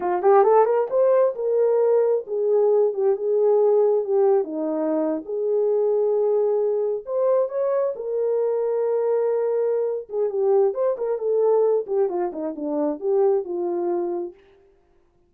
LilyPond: \new Staff \with { instrumentName = "horn" } { \time 4/4 \tempo 4 = 134 f'8 g'8 a'8 ais'8 c''4 ais'4~ | ais'4 gis'4. g'8 gis'4~ | gis'4 g'4 dis'4.~ dis'16 gis'16~ | gis'2.~ gis'8. c''16~ |
c''8. cis''4 ais'2~ ais'16~ | ais'2~ ais'8 gis'8 g'4 | c''8 ais'8 a'4. g'8 f'8 dis'8 | d'4 g'4 f'2 | }